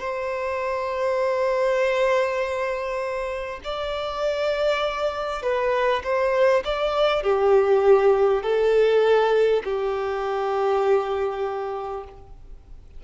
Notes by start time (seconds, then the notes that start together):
0.00 C5
3.64 D5
5.42 B4
6.03 C5
6.64 D5
7.22 G4
8.42 A4
9.64 G4